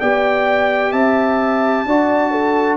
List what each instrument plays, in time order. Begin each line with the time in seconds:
0.00 tuba B3, trombone G4, horn D5, trumpet G5
0.92 tuba C4, horn E5, trumpet A5
1.86 tuba D4, trombone F#4, horn D5
2.32 horn A4